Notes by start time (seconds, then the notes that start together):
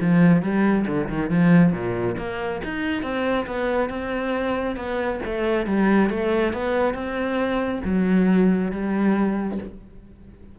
0.00 F3
0.42 G3
0.87 D3
1.08 D#3
1.29 F3
1.72 A#2
2.17 A#3
2.64 D#4
3.02 C4
3.46 B3
3.89 C4
4.76 B3
5.25 A3
5.66 G3
6.09 A3
6.53 B3
6.94 C4
7.84 F#3
8.71 G3